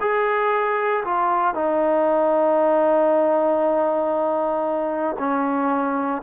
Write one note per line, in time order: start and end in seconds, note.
0.00 1.03 G#4
1.04 1.54 F4
1.54 5.16 D#4
5.18 6.22 C#4